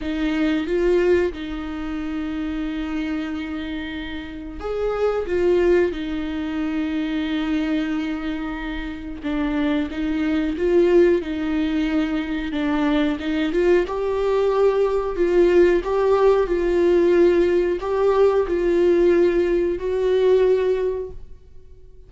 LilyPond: \new Staff \with { instrumentName = "viola" } { \time 4/4 \tempo 4 = 91 dis'4 f'4 dis'2~ | dis'2. gis'4 | f'4 dis'2.~ | dis'2 d'4 dis'4 |
f'4 dis'2 d'4 | dis'8 f'8 g'2 f'4 | g'4 f'2 g'4 | f'2 fis'2 | }